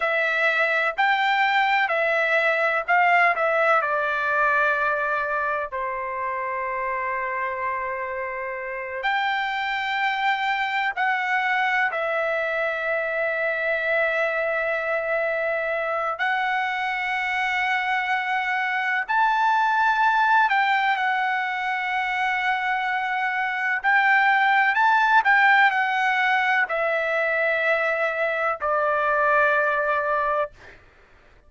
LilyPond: \new Staff \with { instrumentName = "trumpet" } { \time 4/4 \tempo 4 = 63 e''4 g''4 e''4 f''8 e''8 | d''2 c''2~ | c''4. g''2 fis''8~ | fis''8 e''2.~ e''8~ |
e''4 fis''2. | a''4. g''8 fis''2~ | fis''4 g''4 a''8 g''8 fis''4 | e''2 d''2 | }